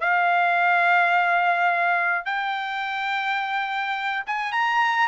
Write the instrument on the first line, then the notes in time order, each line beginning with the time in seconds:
trumpet
0.00 F5
2.25 G5
4.26 G#5
4.52 A#5